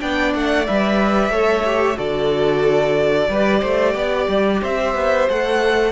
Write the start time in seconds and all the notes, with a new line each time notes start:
0.00 B3 D4 D5 G5
0.35 A3 F#5
0.67 G3 B4 E5
1.31 A3 A4 C#5
1.66 G4
1.97 D3 F#4 A4 D5
3.29 G3 G4 B4
3.61 A3 C5
3.95 B3 D5
4.29 G3
4.62 C4 C5 E5
4.95 B3
5.30 A3 A4 F#5